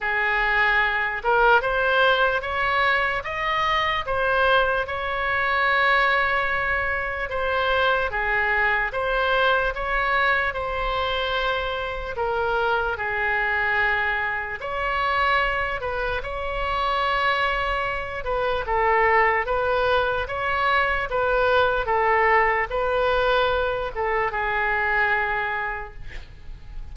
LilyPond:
\new Staff \with { instrumentName = "oboe" } { \time 4/4 \tempo 4 = 74 gis'4. ais'8 c''4 cis''4 | dis''4 c''4 cis''2~ | cis''4 c''4 gis'4 c''4 | cis''4 c''2 ais'4 |
gis'2 cis''4. b'8 | cis''2~ cis''8 b'8 a'4 | b'4 cis''4 b'4 a'4 | b'4. a'8 gis'2 | }